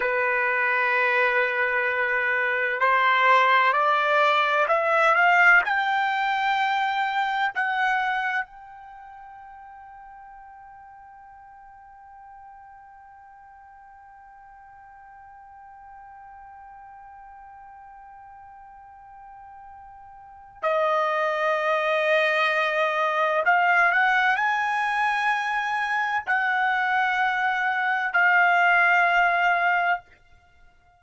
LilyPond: \new Staff \with { instrumentName = "trumpet" } { \time 4/4 \tempo 4 = 64 b'2. c''4 | d''4 e''8 f''8 g''2 | fis''4 g''2.~ | g''1~ |
g''1~ | g''2 dis''2~ | dis''4 f''8 fis''8 gis''2 | fis''2 f''2 | }